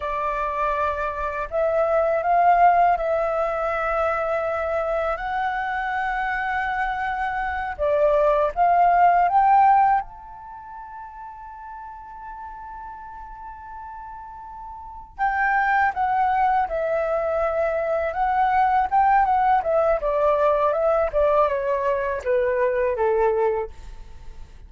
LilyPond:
\new Staff \with { instrumentName = "flute" } { \time 4/4 \tempo 4 = 81 d''2 e''4 f''4 | e''2. fis''4~ | fis''2~ fis''8 d''4 f''8~ | f''8 g''4 a''2~ a''8~ |
a''1~ | a''8 g''4 fis''4 e''4.~ | e''8 fis''4 g''8 fis''8 e''8 d''4 | e''8 d''8 cis''4 b'4 a'4 | }